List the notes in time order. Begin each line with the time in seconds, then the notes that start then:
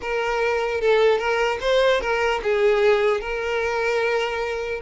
0.01 A#4
0.80 A4
1.18 A#4
1.60 C5
2.00 A#4
2.43 G#4
3.21 A#4